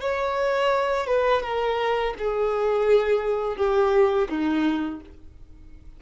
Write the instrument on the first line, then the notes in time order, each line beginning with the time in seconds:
violin
0.00 C#5
1.07 B4
1.43 A#4
2.18 G#4
3.56 G4
4.29 D#4